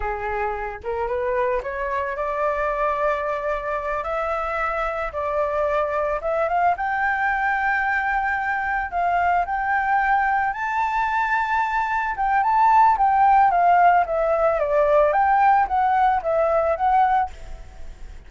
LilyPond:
\new Staff \with { instrumentName = "flute" } { \time 4/4 \tempo 4 = 111 gis'4. ais'8 b'4 cis''4 | d''2.~ d''8 e''8~ | e''4. d''2 e''8 | f''8 g''2.~ g''8~ |
g''8 f''4 g''2 a''8~ | a''2~ a''8 g''8 a''4 | g''4 f''4 e''4 d''4 | g''4 fis''4 e''4 fis''4 | }